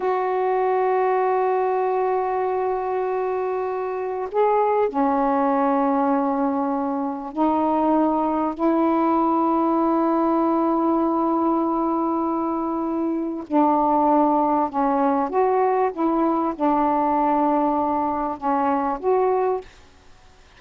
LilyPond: \new Staff \with { instrumentName = "saxophone" } { \time 4/4 \tempo 4 = 98 fis'1~ | fis'2. gis'4 | cis'1 | dis'2 e'2~ |
e'1~ | e'2 d'2 | cis'4 fis'4 e'4 d'4~ | d'2 cis'4 fis'4 | }